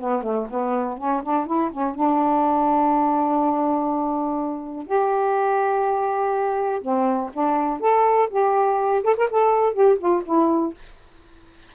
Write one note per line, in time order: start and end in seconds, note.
0.00 0.23 B3
0.23 0.47 A3
0.49 0.97 B3
0.97 1.22 C#4
1.23 1.46 D4
1.46 1.71 E4
1.71 1.95 C#4
1.95 4.86 D4
4.86 6.81 G4
6.81 7.30 C4
7.33 7.80 D4
7.80 8.29 A4
8.30 9.03 G4
9.04 9.16 A4
9.17 9.29 A#4
9.30 9.73 A4
9.73 9.97 G4
9.98 10.22 F4
10.25 10.74 E4